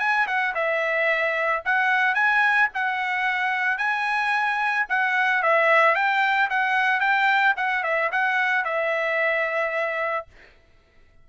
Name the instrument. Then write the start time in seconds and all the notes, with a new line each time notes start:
trumpet
0.00 G#5
0.28 F#5
0.55 E5
1.65 F#5
2.15 G#5
2.74 F#5
3.78 G#5
4.90 F#5
5.43 E5
5.95 G5
6.50 F#5
7.00 G5
7.57 F#5
7.84 E5
8.12 F#5
8.65 E5